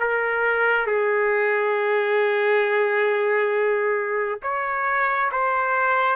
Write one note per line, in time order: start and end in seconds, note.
0.00 0.87 A#4
0.87 4.40 G#4
4.43 5.31 C#5
5.32 6.16 C5